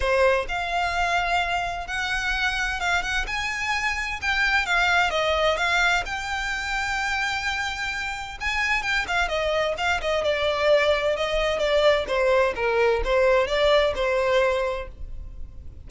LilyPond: \new Staff \with { instrumentName = "violin" } { \time 4/4 \tempo 4 = 129 c''4 f''2. | fis''2 f''8 fis''8 gis''4~ | gis''4 g''4 f''4 dis''4 | f''4 g''2.~ |
g''2 gis''4 g''8 f''8 | dis''4 f''8 dis''8 d''2 | dis''4 d''4 c''4 ais'4 | c''4 d''4 c''2 | }